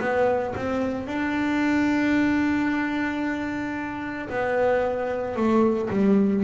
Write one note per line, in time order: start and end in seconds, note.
0.00 0.54 B3
0.56 1.07 C4
1.07 4.28 D4
4.29 5.36 B3
5.36 5.89 A3
5.90 6.43 G3